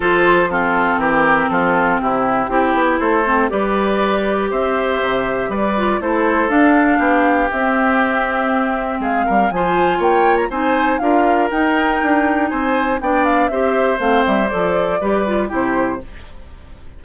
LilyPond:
<<
  \new Staff \with { instrumentName = "flute" } { \time 4/4 \tempo 4 = 120 c''4 a'4 ais'4 a'4 | g'2 c''4 d''4~ | d''4 e''2 d''4 | c''4 f''2 e''4~ |
e''2 f''4 gis''4 | g''8. ais''16 gis''4 f''4 g''4~ | g''4 gis''4 g''8 f''8 e''4 | f''8 e''8 d''2 c''4 | }
  \new Staff \with { instrumentName = "oboe" } { \time 4/4 a'4 f'4 g'4 f'4 | e'4 g'4 a'4 b'4~ | b'4 c''2 b'4 | a'2 g'2~ |
g'2 gis'8 ais'8 c''4 | cis''4 c''4 ais'2~ | ais'4 c''4 d''4 c''4~ | c''2 b'4 g'4 | }
  \new Staff \with { instrumentName = "clarinet" } { \time 4/4 f'4 c'2.~ | c'4 e'4. c'8 g'4~ | g'2.~ g'8 f'8 | e'4 d'2 c'4~ |
c'2. f'4~ | f'4 dis'4 f'4 dis'4~ | dis'2 d'4 g'4 | c'4 a'4 g'8 f'8 e'4 | }
  \new Staff \with { instrumentName = "bassoon" } { \time 4/4 f2 e4 f4 | c4 c'8 b8 a4 g4~ | g4 c'4 c4 g4 | a4 d'4 b4 c'4~ |
c'2 gis8 g8 f4 | ais4 c'4 d'4 dis'4 | d'4 c'4 b4 c'4 | a8 g8 f4 g4 c4 | }
>>